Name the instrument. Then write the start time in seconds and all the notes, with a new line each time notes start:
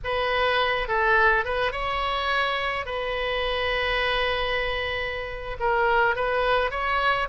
oboe
0.04 B4
0.88 A4
1.44 B4
1.72 C#5
2.85 B4
5.59 A#4
6.15 B4
6.71 C#5